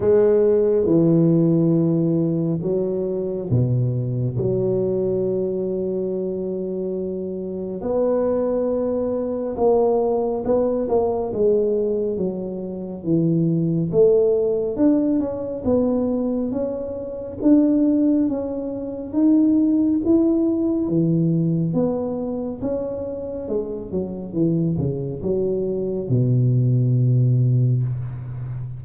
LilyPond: \new Staff \with { instrumentName = "tuba" } { \time 4/4 \tempo 4 = 69 gis4 e2 fis4 | b,4 fis2.~ | fis4 b2 ais4 | b8 ais8 gis4 fis4 e4 |
a4 d'8 cis'8 b4 cis'4 | d'4 cis'4 dis'4 e'4 | e4 b4 cis'4 gis8 fis8 | e8 cis8 fis4 b,2 | }